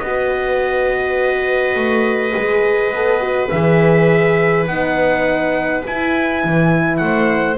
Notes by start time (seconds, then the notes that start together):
0.00 B3 F#4 B4 D#5
1.76 A3
2.35 G#3 G#4
2.91 B3 A4
3.20 F#4
3.50 E3 G#4 E5
4.67 B3 D#4 F#5
5.87 E4 G#5
6.44 E3
6.98 A3 F#5
7.04 C5